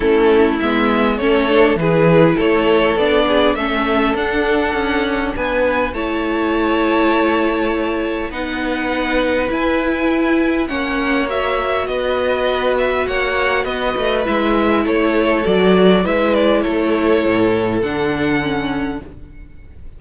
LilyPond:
<<
  \new Staff \with { instrumentName = "violin" } { \time 4/4 \tempo 4 = 101 a'4 e''4 cis''4 b'4 | cis''4 d''4 e''4 fis''4~ | fis''4 gis''4 a''2~ | a''2 fis''2 |
gis''2 fis''4 e''4 | dis''4. e''8 fis''4 dis''4 | e''4 cis''4 d''4 e''8 d''8 | cis''2 fis''2 | }
  \new Staff \with { instrumentName = "violin" } { \time 4/4 e'2 a'4 gis'4 | a'4. gis'8 a'2~ | a'4 b'4 cis''2~ | cis''2 b'2~ |
b'2 cis''2 | b'2 cis''4 b'4~ | b'4 a'2 b'4 | a'1 | }
  \new Staff \with { instrumentName = "viola" } { \time 4/4 cis'4 b4 cis'8 d'8 e'4~ | e'4 d'4 cis'4 d'4~ | d'2 e'2~ | e'2 dis'2 |
e'2 cis'4 fis'4~ | fis'1 | e'2 fis'4 e'4~ | e'2 d'4 cis'4 | }
  \new Staff \with { instrumentName = "cello" } { \time 4/4 a4 gis4 a4 e4 | a4 b4 a4 d'4 | cis'4 b4 a2~ | a2 b2 |
e'2 ais2 | b2 ais4 b8 a8 | gis4 a4 fis4 gis4 | a4 a,4 d2 | }
>>